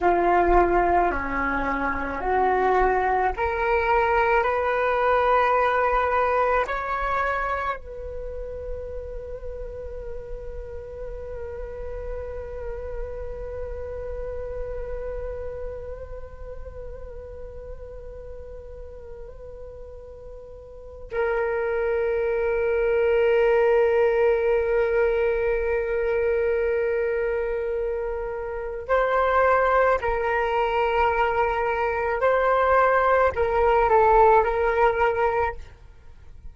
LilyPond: \new Staff \with { instrumentName = "flute" } { \time 4/4 \tempo 4 = 54 f'4 cis'4 fis'4 ais'4 | b'2 cis''4 b'4~ | b'1~ | b'1~ |
b'2. ais'4~ | ais'1~ | ais'2 c''4 ais'4~ | ais'4 c''4 ais'8 a'8 ais'4 | }